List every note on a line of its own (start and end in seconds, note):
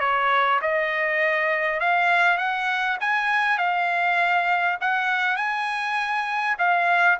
0.00 0.60 C#5
0.61 1.80 D#5
1.80 2.38 F5
2.38 2.98 F#5
3.00 3.58 G#5
3.58 4.78 F5
4.81 5.36 F#5
5.36 6.56 G#5
6.58 7.18 F5